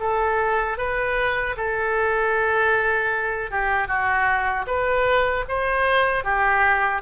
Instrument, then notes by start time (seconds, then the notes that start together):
oboe
0.00 A4
0.78 B4
1.57 A4
3.50 G4
3.87 F#4
4.66 B4
5.48 C5
6.24 G4